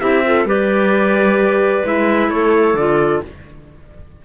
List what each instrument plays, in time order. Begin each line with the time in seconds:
0.00 cello C4, clarinet E4 G4, trumpet E5
0.25 clarinet F4 A4
0.45 cello G3, clarinet G4 B4, trumpet D5
1.85 cello G#3, clarinet E4, trumpet E5
2.29 cello A3, clarinet A4, trumpet C#5
2.74 cello D3, clarinet F4, trumpet D5